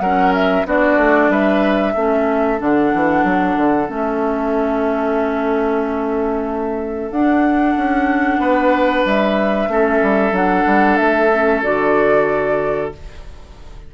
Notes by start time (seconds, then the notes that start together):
0.00 F#3 C#4 A#4 F#5
0.34 E5
0.65 B3 D4 F#4 D5
0.97 A3
1.29 G3 B4 E5
1.93 A3 C#4 A4
2.58 D3 D4 F#5
2.94 E3
3.23 F#3
3.56 D3
3.88 A3 C#4 E5
7.10 D4 F#5
7.76 C#4
8.38 B3 B4
9.05 G3 E5
9.68 A3 C#4 A4
10.02 G3
10.31 F#3 D4 F#5
10.66 G3
10.97 A3 E5
11.33 C#4
11.63 D3 F#4 D5